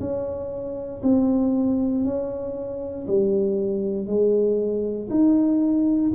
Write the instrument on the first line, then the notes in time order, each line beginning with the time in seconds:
tuba
0.00 C#4
1.03 C4
2.05 C#4
3.07 G3
4.07 G#3
5.10 D#4